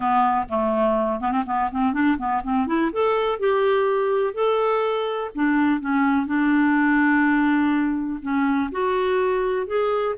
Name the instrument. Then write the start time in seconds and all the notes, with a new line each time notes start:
clarinet
0.00 B3
0.49 A3
1.20 B3
1.31 C4
1.46 B3
1.71 C4
1.93 D4
2.18 B3
2.43 C4
2.67 E4
2.92 A4
3.39 G4
4.34 A4
5.34 D4
5.80 C#4
6.26 D4
8.21 C#4
8.71 F#4
9.66 G#4